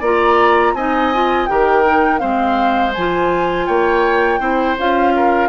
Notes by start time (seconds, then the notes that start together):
0.00 A#3 F4 D5 A#5
0.74 C4 D#4 D#5 G#5
1.14 F4
1.46 D#3 G4 A#4 G5
1.85 D#4
2.19 G#3 C4 C5 F5
2.94 F3 F4 G#5
3.67 A#3 C#5 G5
4.40 C4 E4 C5
4.79 C#4 F4 F5
5.16 A#4